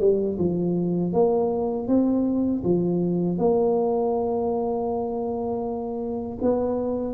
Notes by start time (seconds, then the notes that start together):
0.00 G3
0.39 F3
1.13 A#3
1.88 C4
2.64 F3
3.38 A#3
6.42 B3